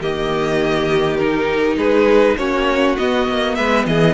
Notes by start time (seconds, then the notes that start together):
0.00 D#3 A#3 G4 D#5
1.16 D#4 A#4
1.76 G#3 G#4 B4
2.37 A#3 C#4 F#4 C#5
2.97 B3 D#5
3.28 A#3
3.55 G#3 B4 E5
3.86 E3 G#4 D#5